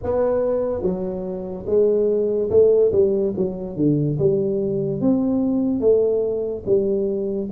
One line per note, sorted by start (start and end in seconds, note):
0.03 0.81 B3
0.81 1.65 F#3
1.66 2.49 G#3
2.50 2.91 A3
2.92 3.33 G3
3.36 3.75 F#3
3.75 4.17 D3
4.18 5.00 G3
5.00 5.80 C4
5.80 6.63 A3
6.66 7.49 G3